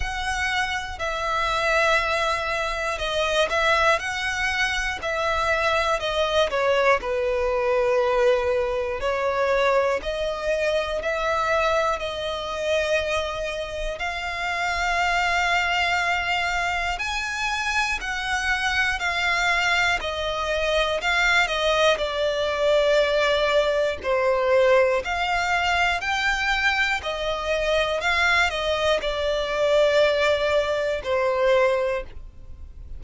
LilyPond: \new Staff \with { instrumentName = "violin" } { \time 4/4 \tempo 4 = 60 fis''4 e''2 dis''8 e''8 | fis''4 e''4 dis''8 cis''8 b'4~ | b'4 cis''4 dis''4 e''4 | dis''2 f''2~ |
f''4 gis''4 fis''4 f''4 | dis''4 f''8 dis''8 d''2 | c''4 f''4 g''4 dis''4 | f''8 dis''8 d''2 c''4 | }